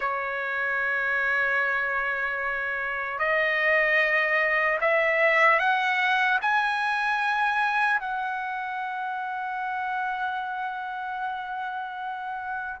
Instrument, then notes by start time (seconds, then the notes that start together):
trumpet
0.00 C#5
3.18 D#5
4.80 E5
5.59 F#5
6.41 G#5
8.00 F#5